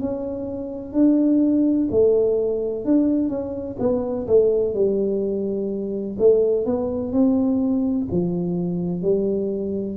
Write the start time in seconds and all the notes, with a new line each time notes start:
0.00 C#4
0.93 D4
1.91 A3
2.85 D4
3.29 C#4
3.79 B3
4.27 A3
4.74 G3
6.19 A3
6.66 B3
7.13 C4
8.11 F3
9.02 G3